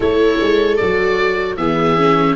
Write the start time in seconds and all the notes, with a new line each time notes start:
0.00 A3 E4 A4 C#5
0.40 G#3
0.76 F#3 F#4 D5
1.56 E3 B3 G#4 E5
1.96 C#4